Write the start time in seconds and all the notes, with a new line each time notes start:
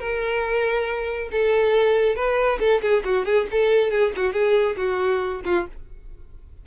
0.00 A#4
1.32 A4
2.16 B4
2.60 A4
2.82 G#4
3.05 F#4
3.26 G#4
3.51 A4
3.91 G#4
4.17 F#4
4.33 G#4
4.77 F#4
5.45 F4